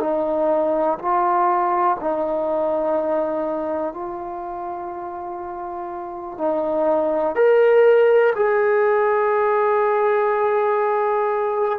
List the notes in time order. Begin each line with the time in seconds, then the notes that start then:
0.00 D#4
0.99 F4
2.00 D#4
3.93 F4
6.38 D#4
7.35 A#4
8.35 G#4